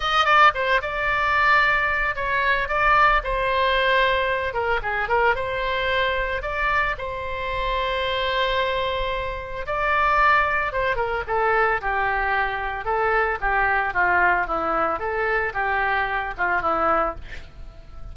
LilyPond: \new Staff \with { instrumentName = "oboe" } { \time 4/4 \tempo 4 = 112 dis''8 d''8 c''8 d''2~ d''8 | cis''4 d''4 c''2~ | c''8 ais'8 gis'8 ais'8 c''2 | d''4 c''2.~ |
c''2 d''2 | c''8 ais'8 a'4 g'2 | a'4 g'4 f'4 e'4 | a'4 g'4. f'8 e'4 | }